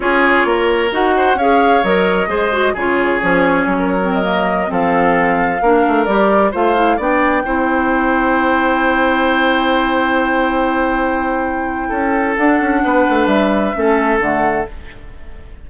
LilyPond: <<
  \new Staff \with { instrumentName = "flute" } { \time 4/4 \tempo 4 = 131 cis''2 fis''4 f''4 | dis''2 cis''2~ | cis''4 dis''4~ dis''16 f''4.~ f''16~ | f''4~ f''16 d''4 f''4 g''8.~ |
g''1~ | g''1~ | g''2. fis''4~ | fis''4 e''2 fis''4 | }
  \new Staff \with { instrumentName = "oboe" } { \time 4/4 gis'4 ais'4. c''8 cis''4~ | cis''4 c''4 gis'2~ | gis'16 ais'2 a'4.~ a'16~ | a'16 ais'2 c''4 d''8.~ |
d''16 c''2.~ c''8.~ | c''1~ | c''2 a'2 | b'2 a'2 | }
  \new Staff \with { instrumentName = "clarinet" } { \time 4/4 f'2 fis'4 gis'4 | ais'4 gis'8 fis'8 f'4 cis'4~ | cis'8. c'8 ais4 c'4.~ c'16~ | c'16 d'4 g'4 f'8 e'8 d'8.~ |
d'16 e'2.~ e'8.~ | e'1~ | e'2. d'4~ | d'2 cis'4 a4 | }
  \new Staff \with { instrumentName = "bassoon" } { \time 4/4 cis'4 ais4 dis'4 cis'4 | fis4 gis4 cis4 f4 | fis2~ fis16 f4.~ f16~ | f16 ais8 a8 g4 a4 b8.~ |
b16 c'2.~ c'8.~ | c'1~ | c'2 cis'4 d'8 cis'8 | b8 a8 g4 a4 d4 | }
>>